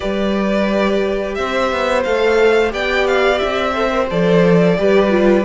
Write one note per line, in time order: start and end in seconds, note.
0.00 1.38 G3
0.00 2.03 G4
0.00 1.36 B4
0.00 1.34 D5
1.34 1.71 C4
1.34 2.73 C5
1.34 2.02 E5
1.71 2.05 B3
2.03 2.73 A3
2.03 2.69 A4
2.03 2.71 F5
2.69 3.41 B3
2.69 3.71 G4
2.69 3.73 D5
2.69 3.07 G5
3.07 3.38 F5
3.38 4.10 C4
3.38 4.06 E5
3.73 3.90 A4
3.73 4.75 C5
3.91 4.08 A#4
4.10 4.78 F3
4.10 4.77 A4
4.10 5.44 D5
4.77 5.44 G3
4.77 5.09 G4
4.77 5.44 B4
5.09 5.43 F4